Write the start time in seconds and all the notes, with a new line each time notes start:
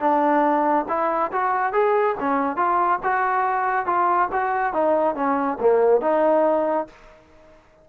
0.00 D4
0.89 E4
1.32 F#4
1.73 G#4
2.20 C#4
2.56 F4
3.03 F#4
3.86 F4
4.32 F#4
4.73 D#4
5.15 C#4
5.61 A#3
6.01 D#4